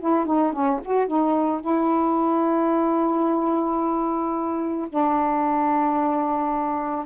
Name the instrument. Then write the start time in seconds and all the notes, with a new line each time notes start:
saxophone
0.00 E4
0.26 D#4
0.53 C#4
0.84 F#4
1.07 D#4
1.61 E4
4.89 D4